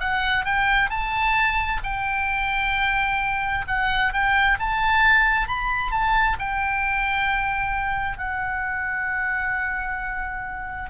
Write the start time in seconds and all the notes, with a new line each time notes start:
0.00 F#5
0.45 G5
0.90 A5
1.84 G5
3.68 F#5
4.14 G5
4.60 A5
5.48 B5
5.92 A5
6.39 G5
8.18 F#5